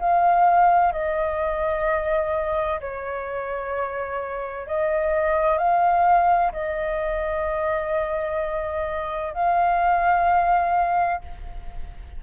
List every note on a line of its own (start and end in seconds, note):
0.00 0.93 F5
0.93 2.80 D#5
2.81 4.68 C#5
4.68 5.59 D#5
5.59 6.52 F5
6.53 9.34 D#5
9.34 11.22 F5